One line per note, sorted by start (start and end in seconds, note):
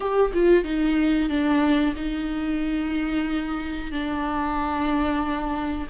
0.00 0.31 G4
0.33 0.63 F4
0.63 1.29 D#4
1.29 1.94 D4
1.96 3.91 D#4
3.91 5.87 D4